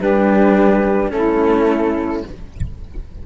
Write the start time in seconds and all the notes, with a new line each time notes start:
0.00 G3 D4 G4 B4
1.12 A3 C#4 E4 A4